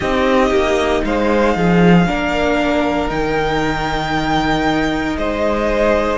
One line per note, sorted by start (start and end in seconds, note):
0.00 0.50 C4
0.00 2.06 D#4
0.00 1.03 G4
0.00 1.03 D#5
0.50 1.02 A#3
1.04 1.55 G#3
1.04 1.56 C5
1.04 3.09 F5
1.55 2.07 F3
1.55 2.08 G#4
2.06 3.09 A#3
2.06 3.08 D4
2.06 5.18 A#4
3.08 5.16 D#3
3.08 6.18 D#4
3.08 5.16 G5
5.17 6.18 G#3
5.17 6.18 C5
5.17 6.18 D#5